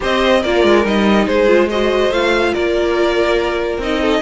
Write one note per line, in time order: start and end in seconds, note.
0.00 0.44 C4
0.00 0.40 G4
0.00 0.40 C5
0.00 0.42 D#5
0.40 0.63 A#3
0.40 0.84 F4
0.40 1.25 A#4
0.40 0.85 D5
0.63 0.85 G#3
0.84 1.27 G3
0.84 1.47 D#4
0.84 1.26 D#5
1.26 2.10 G#3
1.26 1.68 G#4
1.26 1.69 C5
1.47 1.68 F4
1.69 2.12 F#4
1.69 2.53 C5
1.69 2.12 D#5
2.10 2.52 A3
2.10 3.81 F4
2.10 2.53 F5
2.53 3.78 A#3
2.53 4.00 A#4
2.53 3.80 D5
3.78 4.20 C4
3.78 4.22 D#4
3.78 4.22 D#5
4.00 4.21 A4